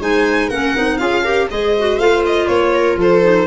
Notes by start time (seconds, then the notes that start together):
0.00 G#3 D#4 C5 G#5
0.48 A#3 C#4 A#4 F#5
0.76 C4 D#4
0.97 C#4 F4 G#4 F5
1.23 G4 A#4
1.50 G#3 G#4 C5 D#5
1.79 F#4
1.98 A3 F4 F5
2.26 D#5
2.47 A#3 C#5
2.74 A#4
2.96 F3 A4 C5
3.22 D#4